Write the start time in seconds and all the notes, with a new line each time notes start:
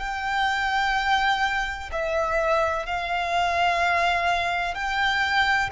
0.00 G5
1.92 E5
2.87 F5
4.75 G5